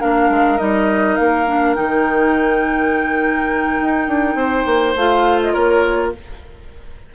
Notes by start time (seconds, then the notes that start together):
0.00 A#3 D4 A#4 F5
0.30 G#3
0.58 G3 D#4 D#5
1.16 A#3 F5
1.47 D4
1.75 D#3 D#4 G5
3.81 D#4
4.08 D4
4.35 C4 C5
4.66 A#3
4.95 A3 F4 F5
5.41 D#5
5.53 A#3 A#4 C#5